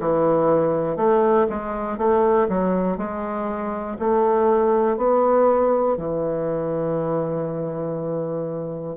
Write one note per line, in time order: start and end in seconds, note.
0.00 0.96 E3
0.96 1.46 A3
1.49 1.98 G#3
1.98 2.48 A3
2.49 2.97 F#3
2.97 3.97 G#3
3.99 4.97 A3
4.97 5.97 B3
5.97 8.96 E3